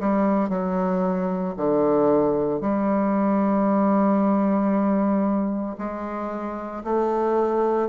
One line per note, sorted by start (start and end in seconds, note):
0.00 0.49 G3
0.49 1.55 F#3
1.57 2.61 D3
2.61 5.77 G3
5.78 6.83 G#3
6.84 7.89 A3